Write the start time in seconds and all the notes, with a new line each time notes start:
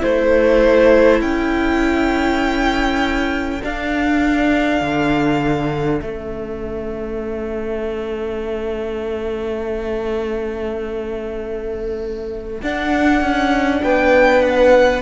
0.00 A3 E4 A4 C5
1.21 C#4 G5
3.62 D4 F5
4.81 D3
6.00 A3 C#4 E5
12.62 D4 F#5
13.21 C#4
13.83 B3 B4 G5
14.42 F#5